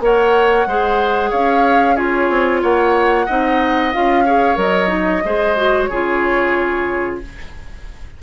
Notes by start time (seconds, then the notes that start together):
0.00 A#3 A#4 C#5 F#5
0.66 G#3 G#4 C5
1.30 C#4 C#5 F5
1.95 F4 G#4 C#5
2.29 C4
2.62 A#3 C#5 F#5
3.26 C4 D#4 D#5
3.93 C#4 F4 F5
4.25 G#4 C#5
4.55 F#3 A#4 D#5
4.87 D#4
5.24 G#3 G#4 C5
5.56 F#4
5.84 C#3 G#4 C#5
5.92 F4